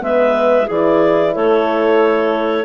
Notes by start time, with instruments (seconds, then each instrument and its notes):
0.00 bassoon G#3, horn B3, clarinet B4 E5
0.67 bassoon E3, horn E4, clarinet G#4 D5
1.35 bassoon A3, clarinet A4 C#5